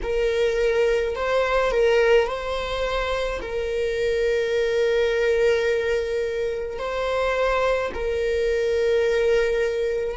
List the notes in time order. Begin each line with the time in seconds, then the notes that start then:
0.03 A#4
1.15 C5
1.71 A#4
2.27 C5
3.41 A#4
6.78 C5
7.93 A#4